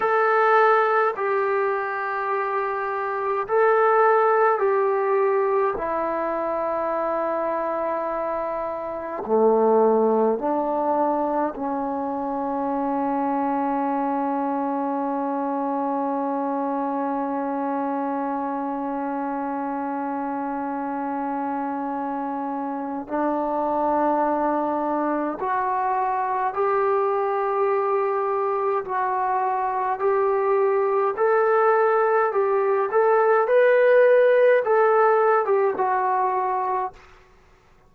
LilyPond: \new Staff \with { instrumentName = "trombone" } { \time 4/4 \tempo 4 = 52 a'4 g'2 a'4 | g'4 e'2. | a4 d'4 cis'2~ | cis'1~ |
cis'1 | d'2 fis'4 g'4~ | g'4 fis'4 g'4 a'4 | g'8 a'8 b'4 a'8. g'16 fis'4 | }